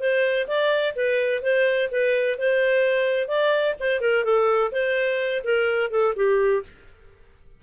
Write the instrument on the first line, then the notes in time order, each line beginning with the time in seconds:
clarinet
0.00 C5
0.48 D5
0.96 B4
1.42 C5
1.91 B4
2.39 C5
3.28 D5
3.80 C5
4.01 A#4
4.24 A4
4.72 C5
5.44 A#4
5.91 A4
6.16 G4